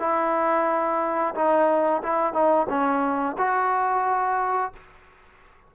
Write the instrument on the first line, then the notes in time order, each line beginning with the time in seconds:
trombone
0.00 E4
1.35 D#4
2.03 E4
2.34 D#4
2.70 C#4
3.39 F#4